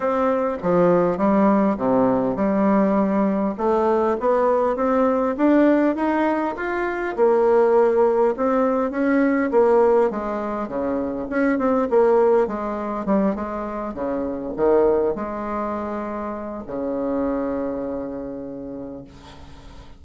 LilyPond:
\new Staff \with { instrumentName = "bassoon" } { \time 4/4 \tempo 4 = 101 c'4 f4 g4 c4 | g2 a4 b4 | c'4 d'4 dis'4 f'4 | ais2 c'4 cis'4 |
ais4 gis4 cis4 cis'8 c'8 | ais4 gis4 g8 gis4 cis8~ | cis8 dis4 gis2~ gis8 | cis1 | }